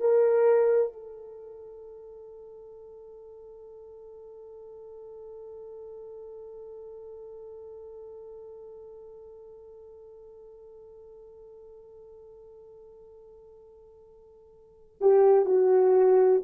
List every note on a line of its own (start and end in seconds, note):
0.00 0.93 A#4
0.93 14.96 A4
15.01 15.45 G4
15.45 16.42 F#4